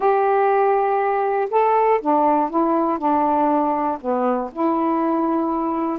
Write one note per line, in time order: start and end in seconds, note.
0.00 1.49 G4
1.50 2.00 A4
2.01 2.50 D4
2.50 2.98 E4
2.98 3.98 D4
4.00 4.50 B3
4.52 5.98 E4